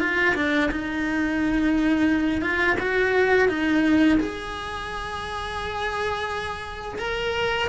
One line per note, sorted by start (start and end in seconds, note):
0.00 0.35 F4
0.36 0.70 D4
0.71 2.42 D#4
2.42 2.77 F4
2.80 3.49 F#4
3.49 4.18 D#4
4.20 6.99 G#4
6.99 7.68 A#4